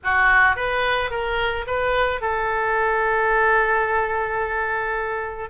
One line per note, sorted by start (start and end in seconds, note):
0.03 0.56 F#4
0.56 1.10 B4
1.10 1.65 A#4
1.66 2.21 B4
2.21 5.49 A4